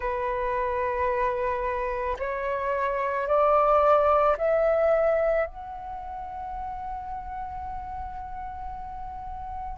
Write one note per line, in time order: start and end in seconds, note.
0.00 2.17 B4
2.18 3.27 C#5
3.27 4.36 D5
4.37 5.46 E5
5.46 9.78 F#5